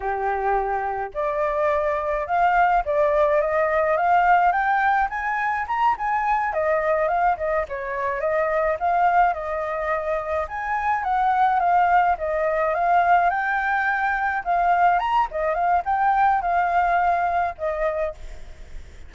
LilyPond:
\new Staff \with { instrumentName = "flute" } { \time 4/4 \tempo 4 = 106 g'2 d''2 | f''4 d''4 dis''4 f''4 | g''4 gis''4 ais''8 gis''4 dis''8~ | dis''8 f''8 dis''8 cis''4 dis''4 f''8~ |
f''8 dis''2 gis''4 fis''8~ | fis''8 f''4 dis''4 f''4 g''8~ | g''4. f''4 ais''8 dis''8 f''8 | g''4 f''2 dis''4 | }